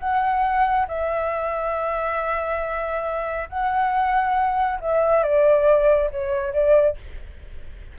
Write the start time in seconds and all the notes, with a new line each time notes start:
0.00 F#5
0.89 E5
3.50 F#5
4.81 E5
5.24 D5
6.12 C#5
6.54 D5